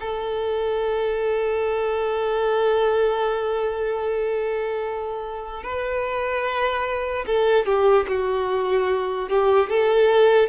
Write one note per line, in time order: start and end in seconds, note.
0.00 5.64 A4
5.64 7.26 B4
7.27 7.66 A4
7.66 8.06 G4
8.08 9.29 F#4
9.29 9.70 G4
9.70 10.49 A4